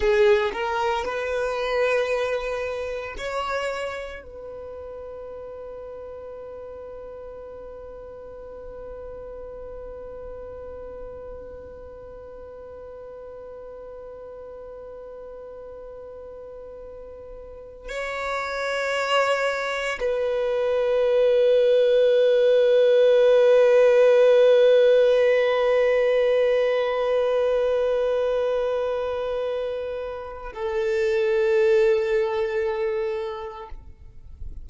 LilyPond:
\new Staff \with { instrumentName = "violin" } { \time 4/4 \tempo 4 = 57 gis'8 ais'8 b'2 cis''4 | b'1~ | b'1~ | b'1~ |
b'4 cis''2 b'4~ | b'1~ | b'1~ | b'4 a'2. | }